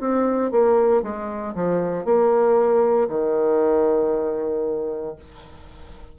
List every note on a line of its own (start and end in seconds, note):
0.00 0.51 C4
0.51 1.03 A#3
1.03 1.54 G#3
1.55 2.05 F3
2.05 3.08 A#3
3.09 5.16 D#3